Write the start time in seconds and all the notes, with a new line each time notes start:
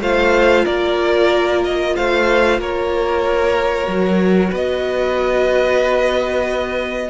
0.00 A3 F4 C5 F5
0.64 A#3 A#4 D5
1.64 D#5
1.95 A3 C5 F5
2.58 A#3 A#4 C#5
3.84 F#3 F#4
4.50 B3 B4 D#5